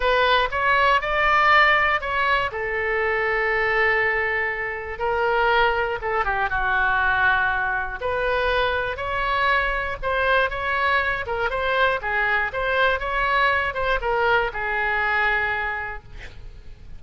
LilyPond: \new Staff \with { instrumentName = "oboe" } { \time 4/4 \tempo 4 = 120 b'4 cis''4 d''2 | cis''4 a'2.~ | a'2 ais'2 | a'8 g'8 fis'2. |
b'2 cis''2 | c''4 cis''4. ais'8 c''4 | gis'4 c''4 cis''4. c''8 | ais'4 gis'2. | }